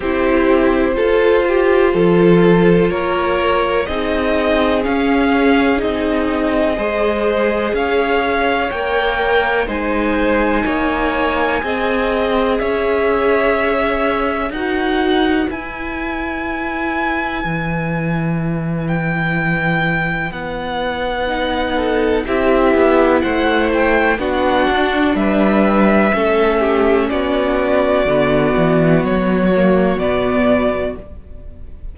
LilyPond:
<<
  \new Staff \with { instrumentName = "violin" } { \time 4/4 \tempo 4 = 62 c''2. cis''4 | dis''4 f''4 dis''2 | f''4 g''4 gis''2~ | gis''4 e''2 fis''4 |
gis''2.~ gis''8 g''8~ | g''4 fis''2 e''4 | fis''8 g''8 fis''4 e''2 | d''2 cis''4 d''4 | }
  \new Staff \with { instrumentName = "violin" } { \time 4/4 g'4 a'8 g'8 a'4 ais'4 | gis'2. c''4 | cis''2 c''4 cis''4 | dis''4 cis''2 b'4~ |
b'1~ | b'2~ b'8 a'8 g'4 | c''4 fis'4 b'4 a'8 g'8 | fis'1 | }
  \new Staff \with { instrumentName = "viola" } { \time 4/4 e'4 f'2. | dis'4 cis'4 dis'4 gis'4~ | gis'4 ais'4 dis'2 | gis'2. fis'4 |
e'1~ | e'2 dis'4 e'4~ | e'4 d'2 cis'4~ | cis'4 b4. ais8 b4 | }
  \new Staff \with { instrumentName = "cello" } { \time 4/4 c'4 f'4 f4 ais4 | c'4 cis'4 c'4 gis4 | cis'4 ais4 gis4 ais4 | c'4 cis'2 dis'4 |
e'2 e2~ | e4 b2 c'8 b8 | a4 b8 d'8 g4 a4 | b4 d8 e8 fis4 b,4 | }
>>